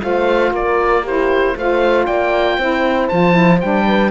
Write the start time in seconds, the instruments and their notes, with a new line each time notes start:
0.00 cello A3, saxophone F4, horn C5, oboe F5
0.52 cello A#3, horn A#4, oboe D5
1.03 saxophone E4, horn G4, oboe C5
1.56 cello A3, saxophone F4, horn C5, oboe F5
2.05 cello A#3, horn D5, oboe G5
2.57 cello C4, saxophone E4, horn C5
3.08 cello F3, saxophone F4, oboe A5
3.32 saxophone E4
3.60 cello G3, saxophone D4, oboe G5
3.87 horn B4